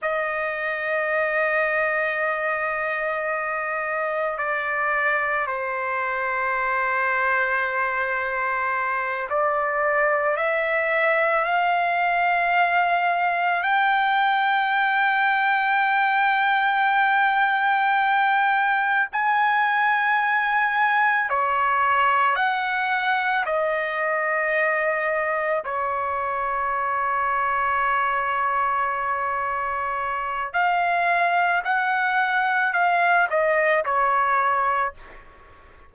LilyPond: \new Staff \with { instrumentName = "trumpet" } { \time 4/4 \tempo 4 = 55 dis''1 | d''4 c''2.~ | c''8 d''4 e''4 f''4.~ | f''8 g''2.~ g''8~ |
g''4. gis''2 cis''8~ | cis''8 fis''4 dis''2 cis''8~ | cis''1 | f''4 fis''4 f''8 dis''8 cis''4 | }